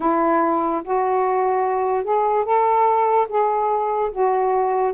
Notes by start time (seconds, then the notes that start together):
0.00 E4
0.84 F#4
2.03 G#4
2.44 A4
3.29 G#4
4.11 F#4